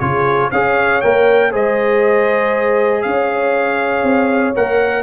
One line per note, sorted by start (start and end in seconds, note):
0.00 0.51 C#3
0.00 0.51 F4
0.00 0.51 G#4
0.00 0.50 C#5
0.52 1.03 C#4
0.52 1.03 G#4
0.52 1.51 C#5
0.52 1.02 F5
1.02 1.54 A#3
1.02 1.52 A#4
1.02 1.52 G5
1.51 3.05 G#3
1.51 4.55 G#4
1.51 3.02 C5
1.51 3.02 D#5
3.02 4.03 C#4
3.02 5.03 C#5
3.02 4.53 F5
4.03 4.54 C4
4.56 5.03 A#3
4.56 5.03 A#4
4.56 5.03 F#5